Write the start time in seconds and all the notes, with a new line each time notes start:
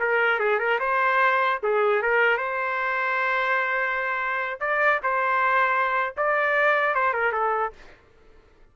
0.00 A#4
0.40 G#4
0.59 A#4
0.80 C5
1.63 G#4
2.02 A#4
2.38 C5
4.61 D5
5.04 C5
6.17 D5
6.95 C5
7.14 A#4
7.33 A4